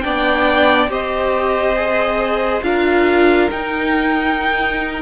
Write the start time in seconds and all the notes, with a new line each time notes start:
0.00 B3 D4 D5 G5
0.87 C4 G4 C5 D#5
1.75 G#4
2.61 D4 F4 A#4 F5
3.51 D#4 G5